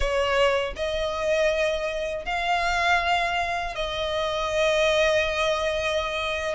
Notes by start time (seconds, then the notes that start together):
0.00 C#5
0.76 D#5
2.25 F5
3.75 D#5